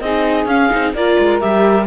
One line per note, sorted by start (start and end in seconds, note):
0.00 0.45 C4
0.00 0.48 D#4
0.00 0.95 G#4
0.00 0.47 D#5
0.45 0.68 C#4
0.45 0.70 C#4
0.45 0.94 F5
0.70 0.93 C4
0.70 0.94 D#4
0.93 1.17 A#3
0.93 1.41 F4
0.93 1.86 A#4
0.93 1.40 D5
1.18 1.42 G#3
1.40 1.86 G3
1.40 1.86 G4
1.40 1.86 E5